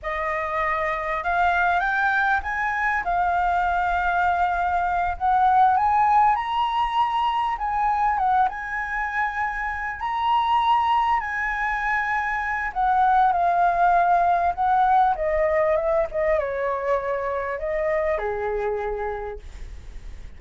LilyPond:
\new Staff \with { instrumentName = "flute" } { \time 4/4 \tempo 4 = 99 dis''2 f''4 g''4 | gis''4 f''2.~ | f''8 fis''4 gis''4 ais''4.~ | ais''8 gis''4 fis''8 gis''2~ |
gis''8 ais''2 gis''4.~ | gis''4 fis''4 f''2 | fis''4 dis''4 e''8 dis''8 cis''4~ | cis''4 dis''4 gis'2 | }